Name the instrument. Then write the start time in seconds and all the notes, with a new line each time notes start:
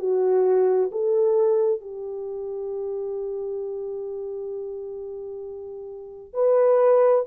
horn
0.00 F#4
0.92 A4
1.81 G4
6.34 B4